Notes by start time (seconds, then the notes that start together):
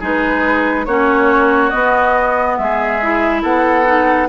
0.00 G#3 D#4 G#4 B4
0.86 A#3 C#4 F#4 C#5
1.71 B3 D#5
2.57 G#3 G#4 E5
3.02 E4
3.42 B3 A4 F#5
3.86 D#4